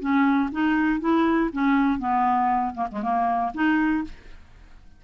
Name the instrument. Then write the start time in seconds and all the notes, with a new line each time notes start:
clarinet
0.00 C#4
0.52 D#4
1.00 E4
1.53 C#4
1.99 B3
2.75 A#3
2.91 G#3
3.02 A#3
3.54 D#4